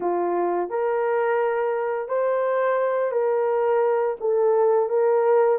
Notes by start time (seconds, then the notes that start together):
0.00 F4
0.69 A#4
2.08 C5
3.11 A#4
4.20 A4
4.89 A#4